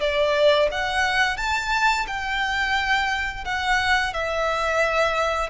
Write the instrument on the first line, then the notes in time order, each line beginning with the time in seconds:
violin
0.00 D5
0.71 F#5
1.37 A5
2.07 G5
3.44 F#5
4.13 E5